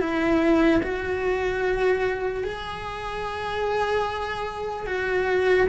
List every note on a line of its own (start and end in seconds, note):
0.00 0.81 E4
0.83 2.44 F#4
2.44 4.86 G#4
4.86 5.68 F#4